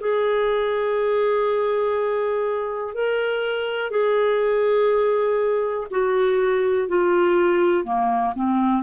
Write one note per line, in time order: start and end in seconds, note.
0.00 2.94 G#4
2.94 3.91 A#4
3.91 5.87 G#4
5.91 6.88 F#4
6.88 7.84 F4
7.84 8.33 A#3
8.35 8.83 C4